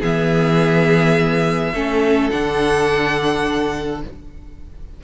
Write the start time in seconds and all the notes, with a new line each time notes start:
0.00 E3 B3 G#4 E5
1.72 A3 C#4 A4
2.30 D3 D4 F#5